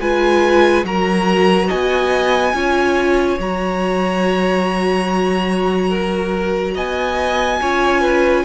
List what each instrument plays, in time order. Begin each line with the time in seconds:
0.00 cello G#3, viola F4, violin B4 G#5
0.84 cello F#3, viola F#4, violin A#4 A#5
1.67 cello B3, violin D#5 G#5
2.53 cello C#4, viola F4, violin C#5
3.39 cello F#3, viola F#4, violin A#5
5.90 violin A#4
6.75 cello B3, violin D#5 G#5
7.61 cello C#4, viola F4, violin C#5
8.01 violin B4